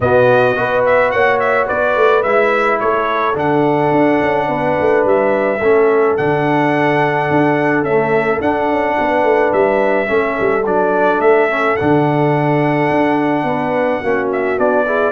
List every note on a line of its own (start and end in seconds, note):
0.00 0.56 B2
0.00 0.55 B3
0.00 0.59 F#4
0.00 0.85 D#5
0.55 1.13 B3
0.55 2.23 F#4
0.55 1.13 B4
0.85 1.11 E5
1.11 1.69 A#3
1.11 1.66 C#5
1.11 1.39 F#5
1.39 1.67 E5
1.66 1.96 B3
1.66 2.79 B4
1.66 2.22 D5
1.96 2.24 A3
2.22 2.80 G#3
2.22 3.33 E4
2.22 2.79 E5
2.79 3.35 A3
2.79 4.47 A4
2.79 3.35 C#5
3.33 3.91 D3
3.33 5.57 D4
3.33 5.06 F#5
3.91 4.19 D4
4.21 4.48 C#4
4.47 4.76 B3
4.47 5.59 B4
4.80 5.04 A3
5.04 5.60 G3
5.04 6.16 E5
5.59 6.17 A3
5.59 6.18 C#4
5.59 8.95 A4
6.16 7.30 D3
6.16 7.86 D4
6.16 7.83 F#5
7.30 7.83 D4
7.83 8.42 A3
7.83 8.39 C#4
7.83 8.39 E5
8.40 8.68 D4
8.40 10.06 D4
8.40 9.53 F#5
8.68 8.96 C#4
8.97 9.23 B3
8.97 10.09 B4
9.23 9.51 A3
9.52 10.08 G3
9.52 10.65 E5
10.06 10.37 A3
10.06 10.62 C#4
10.06 13.46 A4
10.40 10.66 G3
10.65 11.19 F#3
10.65 11.49 D4
10.65 11.20 D5
11.19 11.75 A3
11.19 11.76 E5
11.49 11.77 C#4
11.76 12.90 D3
11.76 14.03 D4
11.76 14.28 F#5
12.90 13.43 D4
13.43 13.99 B3
13.43 14.01 B4
14.01 14.58 A#3
14.01 14.57 C#4
14.01 14.85 F#4
14.32 14.58 E5
14.57 15.11 B3
14.57 14.85 D4
14.57 15.11 D5
14.86 15.11 E4
14.86 15.11 G#4